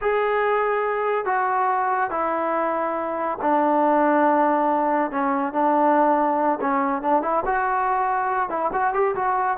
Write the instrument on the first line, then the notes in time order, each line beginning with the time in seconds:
trombone
0.01 G#4
1.25 F#4
2.10 E4
3.41 D4
5.11 C#4
5.52 D4
6.61 C#4
7.01 D4
7.22 E4
7.45 F#4
8.49 E4
8.72 F#4
8.93 G4
9.15 F#4